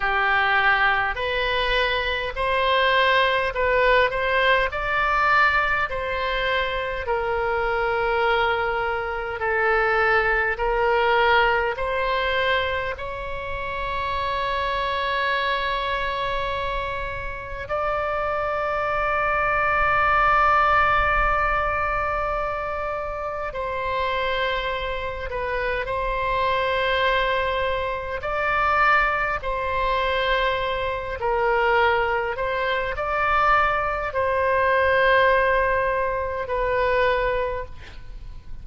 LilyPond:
\new Staff \with { instrumentName = "oboe" } { \time 4/4 \tempo 4 = 51 g'4 b'4 c''4 b'8 c''8 | d''4 c''4 ais'2 | a'4 ais'4 c''4 cis''4~ | cis''2. d''4~ |
d''1 | c''4. b'8 c''2 | d''4 c''4. ais'4 c''8 | d''4 c''2 b'4 | }